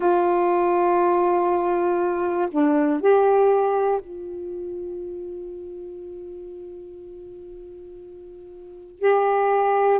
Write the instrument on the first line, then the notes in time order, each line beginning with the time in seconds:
saxophone
0.00 F4
2.50 D4
3.00 G4
4.00 F4
9.00 G4